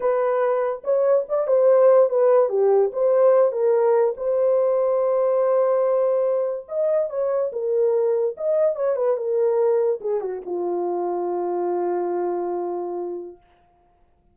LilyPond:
\new Staff \with { instrumentName = "horn" } { \time 4/4 \tempo 4 = 144 b'2 cis''4 d''8 c''8~ | c''4 b'4 g'4 c''4~ | c''8 ais'4. c''2~ | c''1 |
dis''4 cis''4 ais'2 | dis''4 cis''8 b'8 ais'2 | gis'8 fis'8 f'2.~ | f'1 | }